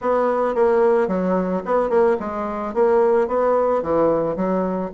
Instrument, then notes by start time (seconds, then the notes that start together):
bassoon
0.01 B3
0.55 A#3
1.07 F#3
1.65 B3
1.89 A#3
2.19 G#3
2.74 A#3
3.27 B3
3.82 E3
4.35 F#3